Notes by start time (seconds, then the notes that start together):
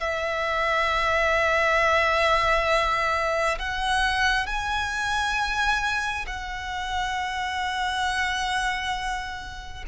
0.00 E5
3.59 F#5
4.47 G#5
6.27 F#5